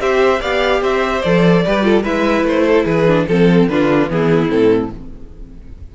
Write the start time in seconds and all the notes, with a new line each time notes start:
0.00 C4 G4 C5 E5
0.40 B3 G4 D5 F5
0.81 C4 C5 E5
1.22 F3 A4 D5
1.65 G3 G4 B4
1.83 F4 A4
2.03 G#3 E4 B4 E5
2.43 A3 C5
2.67 A4
2.85 E3 G#4 B4
3.07 D4
3.28 F3 C4 A4
3.67 D3 D4 F4 B4
4.08 E3 B3 E4 G#4
4.48 A2 C4 A4